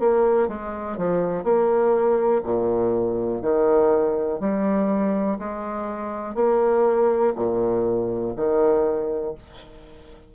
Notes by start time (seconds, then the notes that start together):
0.00 A#3
0.48 G#3
0.97 F3
1.44 A#3
2.44 A#2
3.42 D#3
4.40 G3
5.39 G#3
6.35 A#3
7.36 A#2
8.37 D#3